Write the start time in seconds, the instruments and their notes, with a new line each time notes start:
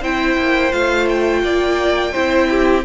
0.00 cello C4, viola E4, violin C5 G5
0.37 cello A#3
0.72 cello A3, viola F4, violin F5
1.09 violin G5
1.43 cello A#3, violin D5
2.12 cello C4, viola E4, violin C5
2.50 violin G4